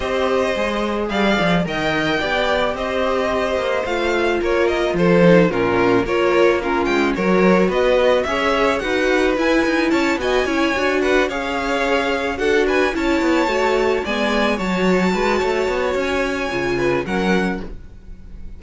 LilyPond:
<<
  \new Staff \with { instrumentName = "violin" } { \time 4/4 \tempo 4 = 109 dis''2 f''4 g''4~ | g''4 dis''2 f''4 | cis''8 dis''8 c''4 ais'4 cis''4 | ais'8 g''8 cis''4 dis''4 e''4 |
fis''4 gis''4 a''8 gis''4. | fis''8 f''2 fis''8 gis''8 a''8~ | a''4. gis''4 a''4.~ | a''4 gis''2 fis''4 | }
  \new Staff \with { instrumentName = "violin" } { \time 4/4 c''2 d''4 dis''4 | d''4 c''2. | ais'4 a'4 f'4 ais'4 | f'4 ais'4 b'4 cis''4 |
b'2 cis''8 dis''8 cis''4 | b'8 cis''2 a'8 b'8 cis''8~ | cis''4. d''4 cis''4 b'8 | cis''2~ cis''8 b'8 ais'4 | }
  \new Staff \with { instrumentName = "viola" } { \time 4/4 g'4 gis'2 ais'4 | g'2. f'4~ | f'4. dis'8 cis'4 f'4 | cis'4 fis'2 gis'4 |
fis'4 e'4. fis'8 e'8 fis'8~ | fis'8 gis'2 fis'4 e'8~ | e'8 fis'4 b4 fis'4.~ | fis'2 f'4 cis'4 | }
  \new Staff \with { instrumentName = "cello" } { \time 4/4 c'4 gis4 g8 f8 dis4 | b4 c'4. ais8 a4 | ais4 f4 ais,4 ais4~ | ais8 gis8 fis4 b4 cis'4 |
dis'4 e'8 dis'8 cis'8 b8 cis'8 d'8~ | d'8 cis'2 d'4 cis'8 | b8 a4 gis4 fis4 gis8 | a8 b8 cis'4 cis4 fis4 | }
>>